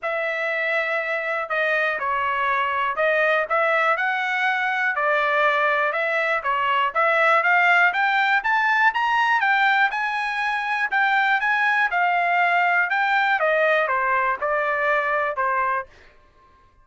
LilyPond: \new Staff \with { instrumentName = "trumpet" } { \time 4/4 \tempo 4 = 121 e''2. dis''4 | cis''2 dis''4 e''4 | fis''2 d''2 | e''4 cis''4 e''4 f''4 |
g''4 a''4 ais''4 g''4 | gis''2 g''4 gis''4 | f''2 g''4 dis''4 | c''4 d''2 c''4 | }